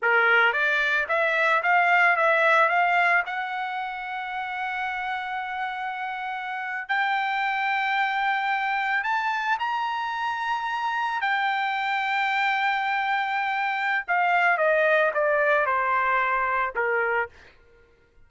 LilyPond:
\new Staff \with { instrumentName = "trumpet" } { \time 4/4 \tempo 4 = 111 ais'4 d''4 e''4 f''4 | e''4 f''4 fis''2~ | fis''1~ | fis''8. g''2.~ g''16~ |
g''8. a''4 ais''2~ ais''16~ | ais''8. g''2.~ g''16~ | g''2 f''4 dis''4 | d''4 c''2 ais'4 | }